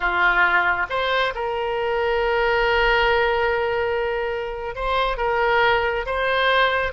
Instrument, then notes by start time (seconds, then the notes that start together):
oboe
0.00 F4
0.89 C5
1.35 A#4
4.75 C5
5.17 A#4
6.06 C5